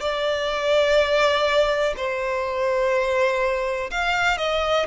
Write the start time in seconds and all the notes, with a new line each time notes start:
0.00 D5
1.96 C5
3.90 F5
4.37 D#5